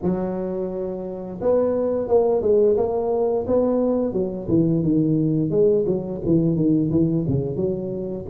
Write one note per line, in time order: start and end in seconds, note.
0.02 1.40 F#3
1.41 2.08 B3
2.08 2.41 A#3
2.41 2.76 G#3
2.76 3.45 A#3
3.47 4.13 B3
4.13 4.47 F#3
4.48 4.82 E3
4.82 5.50 D#3
5.50 5.84 G#3
5.86 6.20 F#3
6.25 6.55 E3
6.55 6.90 D#3
6.91 7.25 E3
7.27 7.56 C#3
7.56 8.25 F#3